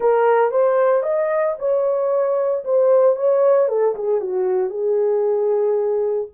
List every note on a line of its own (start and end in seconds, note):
0.00 0.51 A#4
0.51 1.02 C5
1.02 1.55 D#5
1.58 2.64 C#5
2.64 3.16 C5
3.16 3.68 C#5
3.68 3.94 A4
3.95 4.20 G#4
4.20 4.70 F#4
4.70 6.28 G#4